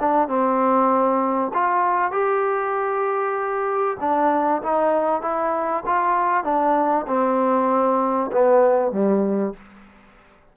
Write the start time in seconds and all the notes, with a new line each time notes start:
0.00 D4
0.28 C4
1.54 F4
2.12 G4
4.00 D4
4.63 D#4
5.22 E4
5.86 F4
6.44 D4
7.07 C4
8.32 B3
8.92 G3